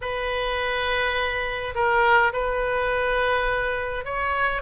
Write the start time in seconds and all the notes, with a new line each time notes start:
0.01 B4
1.74 A#4
2.32 B4
4.04 C#5